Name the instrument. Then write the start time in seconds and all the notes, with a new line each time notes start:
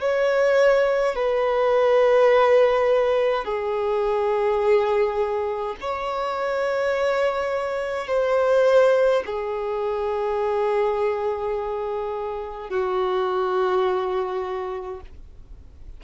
violin
0.00 C#5
1.15 B4
3.45 G#4
5.81 C#5
8.07 C5
9.26 G#4
12.70 F#4